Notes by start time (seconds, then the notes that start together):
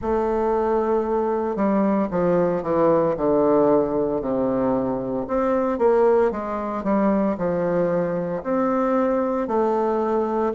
0.01 A3
1.56 G3
2.11 F3
2.62 E3
3.16 D3
4.21 C3
5.27 C4
5.78 A#3
6.31 G#3
6.83 G3
7.37 F3
8.43 C4
9.47 A3